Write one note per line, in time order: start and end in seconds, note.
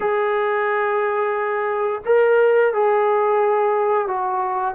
0.00 2.01 G#4
2.05 2.73 A#4
2.73 4.07 G#4
4.07 4.74 F#4